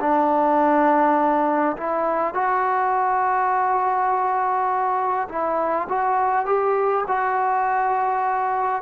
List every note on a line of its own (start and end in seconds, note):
0.00 1.76 D4
1.77 2.34 E4
2.34 5.28 F#4
5.29 5.88 E4
5.89 6.46 F#4
6.46 7.05 G4
7.07 8.82 F#4